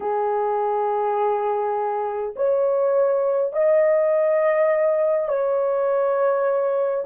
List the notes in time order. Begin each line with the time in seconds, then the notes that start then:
0.00 G#4
2.35 C#5
3.52 D#5
5.28 C#5